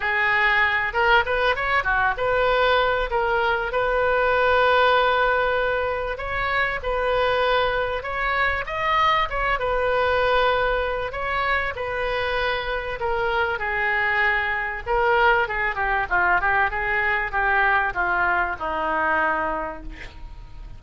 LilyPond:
\new Staff \with { instrumentName = "oboe" } { \time 4/4 \tempo 4 = 97 gis'4. ais'8 b'8 cis''8 fis'8 b'8~ | b'4 ais'4 b'2~ | b'2 cis''4 b'4~ | b'4 cis''4 dis''4 cis''8 b'8~ |
b'2 cis''4 b'4~ | b'4 ais'4 gis'2 | ais'4 gis'8 g'8 f'8 g'8 gis'4 | g'4 f'4 dis'2 | }